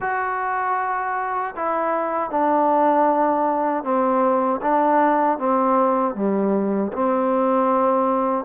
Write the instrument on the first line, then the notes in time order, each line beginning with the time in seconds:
trombone
0.00 F#4
1.56 E4
2.30 D4
3.83 C4
4.61 D4
5.38 C4
6.15 G3
6.92 C4